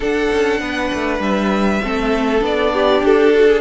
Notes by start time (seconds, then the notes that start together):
0.00 D4 A4 F#5
0.32 C#4
0.60 B3 B4
0.93 A3
1.19 G3 E5
1.82 A3 C4 A4
2.39 B3 D4 D5
2.73 G4
3.03 D4 A4
3.35 F#4
3.47 G#4